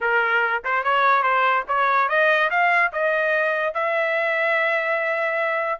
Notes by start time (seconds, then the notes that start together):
0.01 A#4
0.64 C5
0.83 C#5
1.22 C5
1.68 C#5
2.08 D#5
2.50 F5
2.92 D#5
3.74 E5